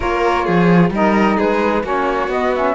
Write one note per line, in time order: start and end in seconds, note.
0.00 0.47 A#3
0.00 0.90 F4
0.00 0.44 A#4
0.00 0.89 C#5
0.44 0.90 F3
0.44 0.91 G#4
0.90 1.36 G3
0.90 1.82 D#4
0.90 1.36 A#4
0.90 1.39 D#5
1.36 1.83 G#3
1.36 1.82 G#4
1.36 1.85 B4
1.82 2.28 A#3
1.82 2.28 C#4
1.82 2.74 F#4
1.82 2.31 C#5
2.28 2.74 B3
2.28 2.53 B3
2.28 2.54 D#5
2.54 2.74 C#4
2.54 2.74 E5